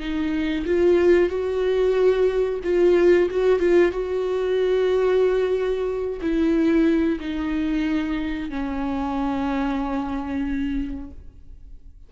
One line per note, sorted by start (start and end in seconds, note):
0.00 0.65 D#4
0.66 1.30 F4
1.30 2.60 F#4
2.64 3.30 F4
3.31 3.60 F#4
3.60 3.92 F4
3.92 6.20 F#4
6.22 7.19 E4
7.21 8.50 D#4
8.50 11.11 C#4